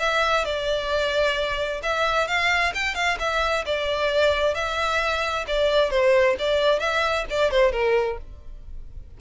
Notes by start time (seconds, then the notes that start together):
0.00 E5
0.45 D5
1.83 E5
2.28 F5
2.75 G5
2.95 F5
3.20 E5
3.66 D5
4.55 E5
5.48 D5
5.91 C5
6.39 D5
6.80 E5
7.30 D5
7.51 C5
7.73 A#4